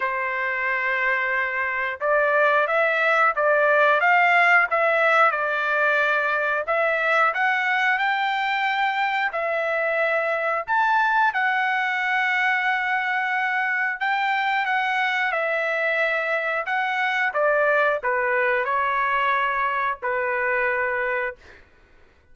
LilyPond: \new Staff \with { instrumentName = "trumpet" } { \time 4/4 \tempo 4 = 90 c''2. d''4 | e''4 d''4 f''4 e''4 | d''2 e''4 fis''4 | g''2 e''2 |
a''4 fis''2.~ | fis''4 g''4 fis''4 e''4~ | e''4 fis''4 d''4 b'4 | cis''2 b'2 | }